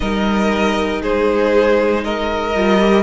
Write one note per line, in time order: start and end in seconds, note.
0.00 1.02 G3
0.00 2.53 D#4
0.00 1.02 A#4
0.00 1.01 D#5
1.02 2.54 G#3
1.02 2.03 G#4
1.02 2.04 C5
2.04 3.02 A#4
2.04 3.02 D#5
2.54 3.02 G3
2.54 2.79 F4
2.79 3.02 G4